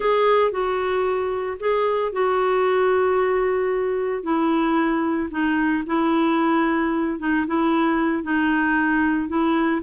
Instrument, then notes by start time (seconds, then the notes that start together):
clarinet
0.00 G#4
0.51 F#4
1.59 G#4
2.12 F#4
4.23 E4
5.30 D#4
5.86 E4
7.19 D#4
7.46 E4
8.23 D#4
9.28 E4